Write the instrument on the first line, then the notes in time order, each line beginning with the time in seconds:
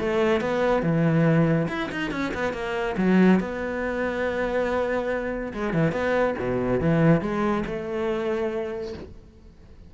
cello
0.00 A3
0.41 B3
0.83 E3
1.68 E4
1.92 D#4
2.12 C#4
2.34 B3
2.53 A#3
2.98 F#3
3.40 B3
5.53 G#3
5.74 E3
5.92 B3
6.39 B2
6.81 E3
7.22 G#3
7.66 A3